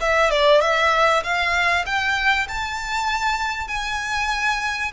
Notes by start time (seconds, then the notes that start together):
0.00 E5
0.30 D5
0.61 E5
1.23 F5
1.86 G5
2.48 A5
3.68 G#5